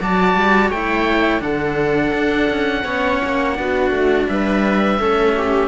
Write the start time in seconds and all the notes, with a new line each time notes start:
0.00 F#3 F#4 D5 A5
0.34 G3
0.68 A3 E4 C#5 G5
1.39 D3 D4 A4 F#5
2.13 D4
2.49 C#4
2.84 B3 C#4 C#5
3.24 A#3
3.54 B3 D4 F#4
3.90 A3
4.28 G3 B4 E5
4.99 A3 C#4 A4
5.36 G4